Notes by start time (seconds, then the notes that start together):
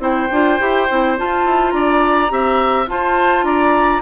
0.00 C4 E4 C5 G5
0.31 D4 F4
0.60 E4 G4
0.90 C4 E4
1.18 F4 A5
1.46 E4
1.71 D4 D5 A#5
2.30 C4 G4 E5
2.88 F4 C5 A5
3.44 D4 D5 A#5